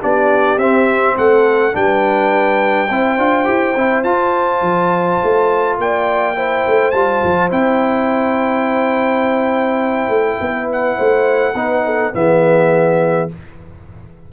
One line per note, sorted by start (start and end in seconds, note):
0.00 0.57 B3
0.00 0.59 D4
0.00 1.15 G4
0.00 0.58 D5
0.57 1.15 C4
0.57 1.72 C4
0.57 1.16 E5
1.16 1.75 A3
1.16 1.74 A4
1.16 1.75 F#5
1.72 2.90 G3
1.72 2.87 D4
1.72 2.91 B4
1.72 4.03 G5
2.90 3.18 C4
2.90 3.18 E4
2.90 5.79 C5
3.18 3.47 D4
3.18 3.44 F4
3.44 3.75 E4
3.44 3.73 G4
3.75 4.04 C4
3.75 4.04 E4
4.03 4.61 F4
4.03 6.35 F4
4.03 5.76 A5
4.61 5.18 F3
5.23 5.78 A3
5.78 6.64 A#3
5.78 6.36 D5
5.78 6.91 G5
6.35 6.93 E4
6.35 10.40 C5
6.67 6.93 A3
6.91 7.22 G3
6.91 7.50 F4
6.91 7.48 A5
7.23 7.51 F3
7.50 10.08 C4
7.50 11.54 E4
7.50 10.69 G5
10.08 10.37 A3
10.40 10.98 B3
10.40 10.96 B4
10.72 12.14 F#5
10.96 11.54 A3
10.96 11.54 C5
11.54 12.12 B3
11.54 12.13 D#4
11.54 11.83 B4
11.85 12.14 A4
12.13 13.29 E3
12.13 13.28 B3
12.13 13.32 G#4
12.13 13.30 E5